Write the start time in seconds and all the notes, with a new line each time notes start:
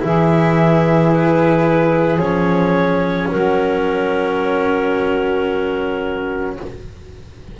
0.00 E3 E4 G#4 E5
1.12 B4
2.17 F3 C#4 C#5
3.30 F#3 F#4 A#4